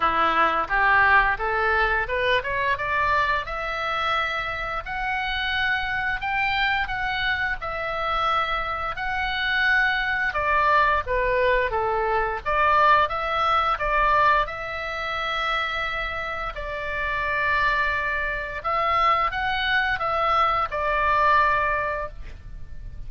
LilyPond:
\new Staff \with { instrumentName = "oboe" } { \time 4/4 \tempo 4 = 87 e'4 g'4 a'4 b'8 cis''8 | d''4 e''2 fis''4~ | fis''4 g''4 fis''4 e''4~ | e''4 fis''2 d''4 |
b'4 a'4 d''4 e''4 | d''4 e''2. | d''2. e''4 | fis''4 e''4 d''2 | }